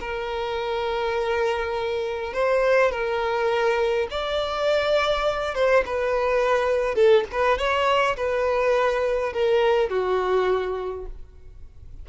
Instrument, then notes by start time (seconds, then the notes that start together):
violin
0.00 A#4
2.33 C5
2.91 A#4
4.10 D5
5.54 C5
5.86 B4
6.95 A4
7.32 B4
7.58 C#5
8.17 B4
9.33 A#4
9.89 F#4